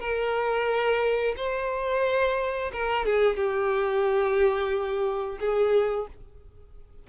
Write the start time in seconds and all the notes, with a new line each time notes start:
0.00 A#4
1.37 C5
2.73 A#4
3.06 G#4
3.36 G4
5.40 G#4